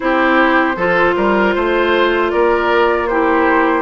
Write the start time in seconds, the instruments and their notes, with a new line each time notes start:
0.00 bassoon C4, clarinet E4, oboe G4, flute C5
0.76 bassoon F3, clarinet F4, oboe A4
1.16 bassoon G3, oboe A#4
1.55 bassoon A3, oboe C5
2.30 bassoon A#3, oboe A#4, flute D5
3.07 clarinet E4, oboe G4, flute C5